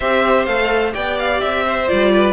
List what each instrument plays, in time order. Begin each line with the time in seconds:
0.00 cello C4, viola G4, violin C5 E5
0.45 cello A3, viola A4, violin F5
0.92 cello B3, viola G4, violin D5 G5
1.18 violin F5
1.40 cello C4, violin E5
1.65 violin C5
1.87 cello G3, viola F4, violin D5
2.13 violin B4